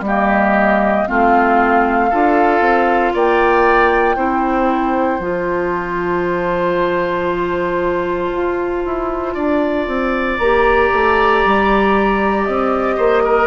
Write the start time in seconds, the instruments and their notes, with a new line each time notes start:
0.00 bassoon G3, oboe G4, flute D#5
0.06 clarinet A#3
1.07 bassoon A3, clarinet C4, oboe F4, flute F5
2.09 bassoon D4, clarinet F4, oboe A4
2.60 bassoon C4
3.13 bassoon A#3, oboe D5, flute G5
4.16 bassoon C4, clarinet E4, oboe C5
5.19 bassoon F3, clarinet F4, flute A5
8.32 bassoon F4
8.85 bassoon E4
9.34 bassoon D4, oboe D5
9.87 bassoon C4
10.38 bassoon A#3, clarinet G4, flute A#5
10.93 bassoon A3
11.44 bassoon G3
12.45 bassoon C4, flute D#5
12.97 bassoon A#3, oboe C5
13.24 oboe A#4